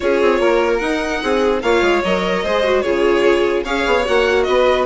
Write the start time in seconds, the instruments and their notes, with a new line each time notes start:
0.00 bassoon C#4, viola F4, violin G#4 C#5
0.22 bassoon C4
0.40 bassoon A#3, violin A#4
0.78 viola D#4, bassoon D#4, violin F#5
1.23 bassoon C4, violin G#4
1.62 bassoon A#3, viola F4, violin C#5 F5
1.81 bassoon G#3
2.03 bassoon F#3, viola A#4, violin D#5
2.43 bassoon G#3, viola G#4, violin C5
2.63 viola F#4
2.81 bassoon C#3, viola F4, violin G#4 C#5
3.63 bassoon C#4, viola G#4, violin C#5 F5
3.86 bassoon B3
4.04 bassoon A#3, viola F#4, violin F#5
4.43 bassoon B3, violin B4 D#5